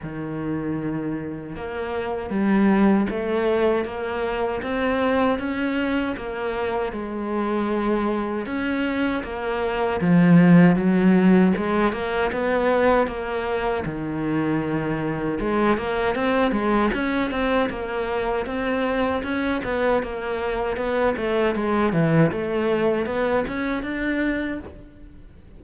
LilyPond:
\new Staff \with { instrumentName = "cello" } { \time 4/4 \tempo 4 = 78 dis2 ais4 g4 | a4 ais4 c'4 cis'4 | ais4 gis2 cis'4 | ais4 f4 fis4 gis8 ais8 |
b4 ais4 dis2 | gis8 ais8 c'8 gis8 cis'8 c'8 ais4 | c'4 cis'8 b8 ais4 b8 a8 | gis8 e8 a4 b8 cis'8 d'4 | }